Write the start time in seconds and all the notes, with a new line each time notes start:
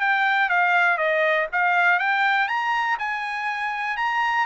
0.00 G5
0.49 F5
0.97 D#5
1.52 F5
1.99 G5
2.48 A#5
2.99 G#5
3.97 A#5